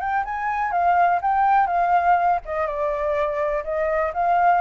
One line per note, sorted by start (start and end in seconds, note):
0.00 0.24 G5
0.25 0.71 G#5
0.71 1.20 F5
1.22 1.67 G5
1.67 2.40 F5
2.45 2.67 D#5
2.67 3.64 D5
3.64 4.13 D#5
4.14 4.61 F5